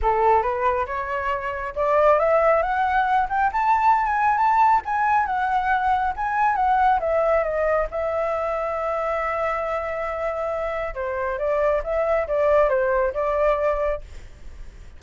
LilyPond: \new Staff \with { instrumentName = "flute" } { \time 4/4 \tempo 4 = 137 a'4 b'4 cis''2 | d''4 e''4 fis''4. g''8 | a''4~ a''16 gis''8. a''4 gis''4 | fis''2 gis''4 fis''4 |
e''4 dis''4 e''2~ | e''1~ | e''4 c''4 d''4 e''4 | d''4 c''4 d''2 | }